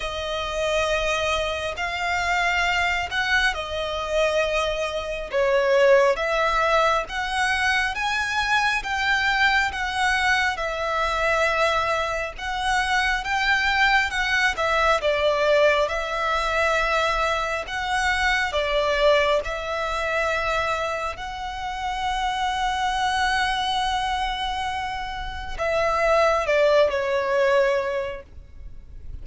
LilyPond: \new Staff \with { instrumentName = "violin" } { \time 4/4 \tempo 4 = 68 dis''2 f''4. fis''8 | dis''2 cis''4 e''4 | fis''4 gis''4 g''4 fis''4 | e''2 fis''4 g''4 |
fis''8 e''8 d''4 e''2 | fis''4 d''4 e''2 | fis''1~ | fis''4 e''4 d''8 cis''4. | }